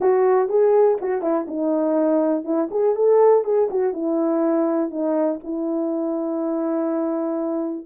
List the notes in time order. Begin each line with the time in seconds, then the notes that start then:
0.00 F#4
0.48 G#4
1.01 F#4
1.22 E4
1.47 D#4
2.44 E4
2.70 G#4
2.95 A4
3.44 G#4
3.70 F#4
3.93 E4
4.90 D#4
5.43 E4